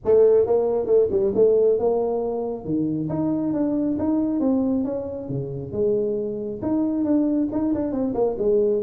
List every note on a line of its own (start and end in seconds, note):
0.04 0.46 A3
0.46 0.86 A#3
0.86 1.08 A3
1.11 1.33 G3
1.34 1.78 A3
1.78 2.64 A#3
2.64 3.08 D#3
3.09 3.53 D#4
3.53 3.97 D4
3.98 4.40 D#4
4.40 4.84 C4
4.84 5.28 C#4
5.28 5.72 C#3
5.72 6.60 G#3
6.62 7.04 D#4
7.04 7.48 D4
7.51 7.73 D#4
7.74 7.92 D4
7.92 8.14 C4
8.14 8.36 A#3
8.38 8.82 G#3